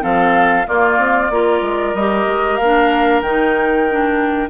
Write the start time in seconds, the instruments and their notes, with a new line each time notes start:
0.00 bassoon F3, clarinet C4, oboe A4, flute F5
0.66 clarinet A#3, bassoon A#3, oboe F4, flute D5
0.97 bassoon C4
1.30 bassoon A#3, clarinet F4, oboe A#4
1.61 bassoon G#3
1.94 bassoon G3, clarinet G4, flute D#5
2.26 bassoon G#3
2.56 bassoon A#3, flute F5
2.63 clarinet D4
3.21 bassoon D#3, clarinet D#4, flute G5
3.90 clarinet D4